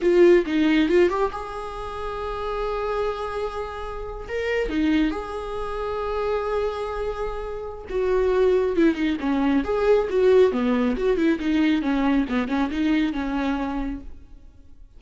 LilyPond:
\new Staff \with { instrumentName = "viola" } { \time 4/4 \tempo 4 = 137 f'4 dis'4 f'8 g'8 gis'4~ | gis'1~ | gis'4.~ gis'16 ais'4 dis'4 gis'16~ | gis'1~ |
gis'2 fis'2 | e'8 dis'8 cis'4 gis'4 fis'4 | b4 fis'8 e'8 dis'4 cis'4 | b8 cis'8 dis'4 cis'2 | }